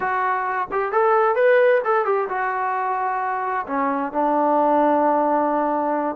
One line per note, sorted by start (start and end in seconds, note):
0.00 0.67 F#4
0.71 0.92 G4
0.92 1.35 A4
1.35 1.81 B4
1.84 2.05 A4
2.05 2.28 G4
2.28 3.66 F#4
3.66 4.12 C#4
4.12 6.16 D4